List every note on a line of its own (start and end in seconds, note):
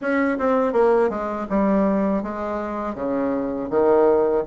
0.01 0.38 C#4
0.38 0.72 C4
0.72 1.09 A#3
1.09 1.46 G#3
1.49 2.22 G3
2.22 2.94 G#3
2.94 3.68 C#3
3.70 4.44 D#3